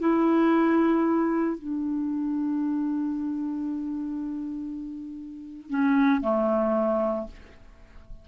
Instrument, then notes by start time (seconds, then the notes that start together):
clarinet
0.00 E4
1.58 D4
5.70 C#4
6.21 A3